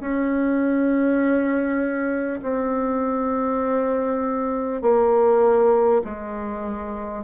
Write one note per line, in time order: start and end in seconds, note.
0.00 2.40 C#4
2.42 4.82 C4
4.82 6.02 A#3
6.04 7.24 G#3